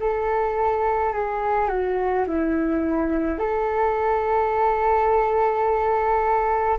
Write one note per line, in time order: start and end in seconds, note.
0.00 1.13 A4
1.13 1.69 G#4
1.69 2.25 F#4
2.27 3.39 E4
3.39 6.79 A4